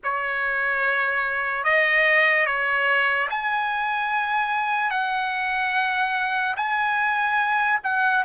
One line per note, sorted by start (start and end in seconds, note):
0.03 1.64 C#5
1.64 2.45 D#5
2.45 3.28 C#5
3.30 4.90 G#5
4.90 6.54 F#5
6.56 7.79 G#5
7.83 8.24 F#5